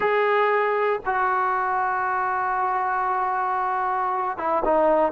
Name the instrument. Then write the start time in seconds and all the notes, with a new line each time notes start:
trombone
0.00 G#4
1.05 F#4
4.37 E4
4.65 D#4